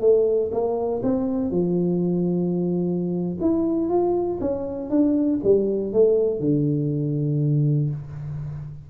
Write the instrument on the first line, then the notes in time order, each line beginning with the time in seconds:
tuba
0.00 A3
0.51 A#3
1.02 C4
1.50 F3
3.40 E4
3.89 F4
4.40 C#4
4.90 D4
5.43 G3
5.92 A3
6.40 D3